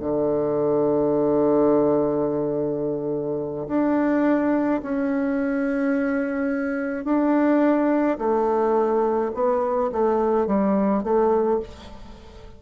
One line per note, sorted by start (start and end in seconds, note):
0.00 3.68 D3
3.68 4.81 D4
4.83 7.05 C#4
7.05 8.18 D4
8.19 9.32 A3
9.34 9.91 B3
9.93 10.47 A3
10.47 11.04 G3
11.04 11.60 A3